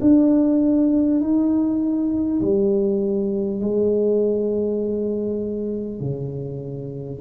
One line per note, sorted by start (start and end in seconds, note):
0.00 1.20 D4
1.20 2.40 D#4
2.41 3.60 G3
3.60 5.99 G#3
5.99 7.19 C#3